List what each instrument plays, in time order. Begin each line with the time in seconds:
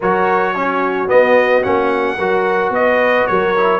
0.00 tuba F#3, trombone F#4, horn A#4, trumpet C#5
0.55 trombone C#4, horn F#4
1.07 trombone B3, tuba B3, trumpet D#5
1.62 tuba A#3, trombone C#4, trumpet F#5
2.18 tuba F#3, trombone F#4, horn A#4
2.70 tuba B3, trumpet D#5
2.76 horn B4
3.26 tuba F#3, horn A#4, trumpet C#5
3.56 trombone E4